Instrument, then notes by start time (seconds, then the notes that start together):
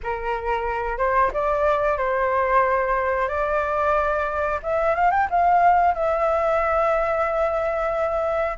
flute
0.03 A#4
0.98 C5
1.33 D5
1.97 C5
3.28 D5
4.62 E5
4.95 F5
5.11 G5
5.30 F5
5.94 E5